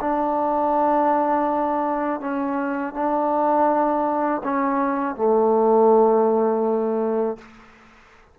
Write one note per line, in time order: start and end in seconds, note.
0.00 2.20 D4
2.20 2.93 C#4
2.93 4.41 D4
4.43 5.15 C#4
5.15 7.38 A3